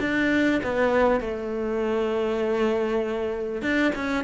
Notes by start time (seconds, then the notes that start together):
0.00 D4
0.63 B3
1.20 A3
3.62 D4
3.95 C#4